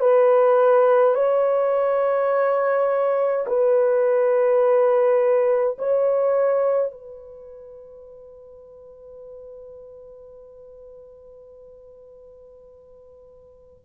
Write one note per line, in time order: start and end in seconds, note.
0.00 1.15 B4
1.15 3.46 C#5
3.47 5.77 B4
5.78 6.91 C#5
6.91 13.84 B4